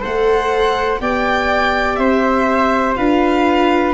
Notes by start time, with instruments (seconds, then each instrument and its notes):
0.00 tuba A3, viola A4, flute C5, violin F#5
1.00 tuba B3, viola G4, flute D5, violin G5
1.96 tuba C4, flute C5, violin E5
2.96 tuba D4, viola F4, flute B4, violin F5